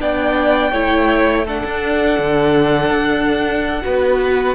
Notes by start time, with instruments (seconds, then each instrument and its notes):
0.00 cello B3, viola D4, violin D5 G5
0.72 cello A3, viola E4, violin C#5
1.46 viola D4, violin A4 F#5
1.65 cello D4
2.19 cello D3
2.91 cello D4
3.83 cello B3, viola F#4, violin B4